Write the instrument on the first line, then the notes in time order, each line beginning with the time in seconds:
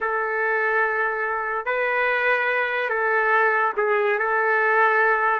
trumpet
0.00 A4
1.65 B4
2.89 A4
3.77 G#4
4.18 A4